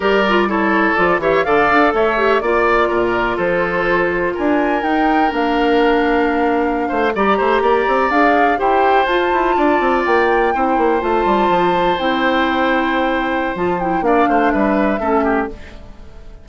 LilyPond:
<<
  \new Staff \with { instrumentName = "flute" } { \time 4/4 \tempo 4 = 124 d''4 cis''4 d''8 e''8 f''4 | e''4 d''2 c''4~ | c''4 gis''4 g''4 f''4~ | f''2~ f''8. ais''4~ ais''16~ |
ais''8. f''4 g''4 a''4~ a''16~ | a''8. g''2 a''4~ a''16~ | a''8. g''2.~ g''16 | a''8 g''8 f''4 e''2 | }
  \new Staff \with { instrumentName = "oboe" } { \time 4/4 ais'4 a'4. cis''8 d''4 | cis''4 d''4 ais'4 a'4~ | a'4 ais'2.~ | ais'2~ ais'16 c''8 d''8 c''8 d''16~ |
d''4.~ d''16 c''2 d''16~ | d''4.~ d''16 c''2~ c''16~ | c''1~ | c''4 d''8 c''8 b'4 a'8 g'8 | }
  \new Staff \with { instrumentName = "clarinet" } { \time 4/4 g'8 f'8 e'4 f'8 g'8 a'4~ | a'8 g'8 f'2.~ | f'2 dis'4 d'4~ | d'2~ d'8. g'4~ g'16~ |
g'8. gis'4 g'4 f'4~ f'16~ | f'4.~ f'16 e'4 f'4~ f'16~ | f'8. e'2.~ e'16 | f'8 e'8 d'2 cis'4 | }
  \new Staff \with { instrumentName = "bassoon" } { \time 4/4 g2 f8 e8 d8 d'8 | a4 ais4 ais,4 f4~ | f4 d'4 dis'4 ais4~ | ais2~ ais16 a8 g8 a8 ais16~ |
ais16 c'8 d'4 e'4 f'8 e'8 d'16~ | d'16 c'8 ais4 c'8 ais8 a8 g8 f16~ | f8. c'2.~ c'16 | f4 ais8 a8 g4 a4 | }
>>